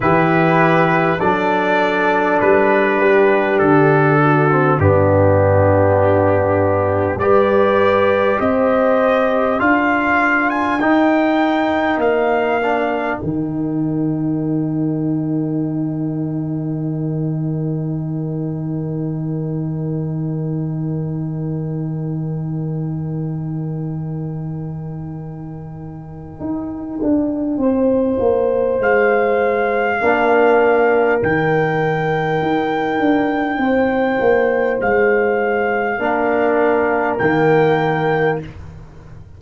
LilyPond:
<<
  \new Staff \with { instrumentName = "trumpet" } { \time 4/4 \tempo 4 = 50 b'4 d''4 b'4 a'4 | g'2 d''4 dis''4 | f''8. gis''16 g''4 f''4 g''4~ | g''1~ |
g''1~ | g''1 | f''2 g''2~ | g''4 f''2 g''4 | }
  \new Staff \with { instrumentName = "horn" } { \time 4/4 g'4 a'4. g'4 fis'8 | d'2 b'4 c''4 | ais'1~ | ais'1~ |
ais'1~ | ais'2. c''4~ | c''4 ais'2. | c''2 ais'2 | }
  \new Staff \with { instrumentName = "trombone" } { \time 4/4 e'4 d'2~ d'8. c'16 | b2 g'2 | f'4 dis'4. d'8 dis'4~ | dis'1~ |
dis'1~ | dis'1~ | dis'4 d'4 dis'2~ | dis'2 d'4 ais4 | }
  \new Staff \with { instrumentName = "tuba" } { \time 4/4 e4 fis4 g4 d4 | g,2 g4 c'4 | d'4 dis'4 ais4 dis4~ | dis1~ |
dis1~ | dis2 dis'8 d'8 c'8 ais8 | gis4 ais4 dis4 dis'8 d'8 | c'8 ais8 gis4 ais4 dis4 | }
>>